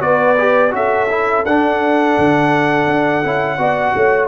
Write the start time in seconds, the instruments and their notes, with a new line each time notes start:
0.00 tuba B3, trombone F#4, horn B4, trumpet D5
0.38 trombone G4
0.71 tuba C#4, trombone F#4, horn A4, trumpet E5
1.09 trombone E4
1.45 tuba D4, trombone D4, trumpet F#5
2.18 tuba D3
2.86 tuba D4
3.24 tuba C#4, trombone E4
3.58 tuba B3, trombone F#4, horn D5
3.95 tuba A3, horn C#5